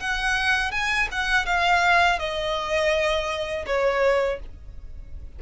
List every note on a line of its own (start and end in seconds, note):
0.00 0.72 F#5
0.72 1.08 G#5
1.12 1.46 F#5
1.46 2.19 F5
2.20 3.66 D#5
3.66 4.39 C#5